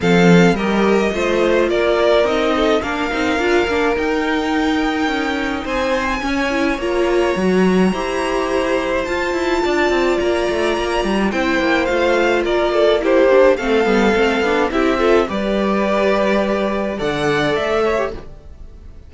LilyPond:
<<
  \new Staff \with { instrumentName = "violin" } { \time 4/4 \tempo 4 = 106 f''4 dis''2 d''4 | dis''4 f''2 g''4~ | g''2 gis''2 | ais''1 |
a''2 ais''2 | g''4 f''4 d''4 c''4 | f''2 e''4 d''4~ | d''2 fis''4 e''4 | }
  \new Staff \with { instrumentName = "violin" } { \time 4/4 a'4 ais'4 c''4 ais'4~ | ais'8 a'8 ais'2.~ | ais'2 c''4 cis''4~ | cis''2 c''2~ |
c''4 d''2. | c''2 ais'8 a'8 g'4 | a'2 g'8 a'8 b'4~ | b'2 d''4. cis''8 | }
  \new Staff \with { instrumentName = "viola" } { \time 4/4 c'4 g'4 f'2 | dis'4 d'8 dis'8 f'8 d'8 dis'4~ | dis'2. cis'8 e'8 | f'4 fis'4 g'2 |
f'1 | e'4 f'2 e'8 d'8 | c'8 b8 c'8 d'8 e'8 f'8 g'4~ | g'2 a'4.~ a'16 g'16 | }
  \new Staff \with { instrumentName = "cello" } { \time 4/4 f4 g4 a4 ais4 | c'4 ais8 c'8 d'8 ais8 dis'4~ | dis'4 cis'4 c'4 cis'4 | ais4 fis4 e'2 |
f'8 e'8 d'8 c'8 ais8 a8 ais8 g8 | c'8 ais8 a4 ais2 | a8 g8 a8 b8 c'4 g4~ | g2 d4 a4 | }
>>